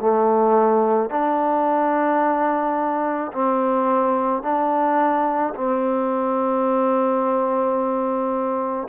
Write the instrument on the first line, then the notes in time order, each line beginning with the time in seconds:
trombone
0.00 A3
1.09 D4
3.32 C4
4.42 D4
5.54 C4